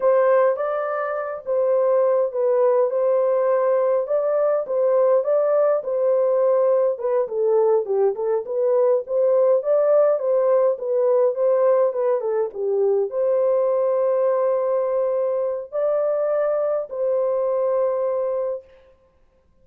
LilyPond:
\new Staff \with { instrumentName = "horn" } { \time 4/4 \tempo 4 = 103 c''4 d''4. c''4. | b'4 c''2 d''4 | c''4 d''4 c''2 | b'8 a'4 g'8 a'8 b'4 c''8~ |
c''8 d''4 c''4 b'4 c''8~ | c''8 b'8 a'8 g'4 c''4.~ | c''2. d''4~ | d''4 c''2. | }